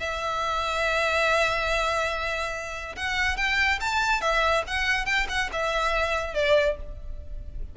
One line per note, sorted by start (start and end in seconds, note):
0.00 2.96 E5
2.96 3.37 F#5
3.37 3.80 G5
3.81 4.22 A5
4.22 4.64 E5
4.67 5.06 F#5
5.06 5.27 G5
5.29 5.50 F#5
5.53 6.34 E5
6.34 6.77 D5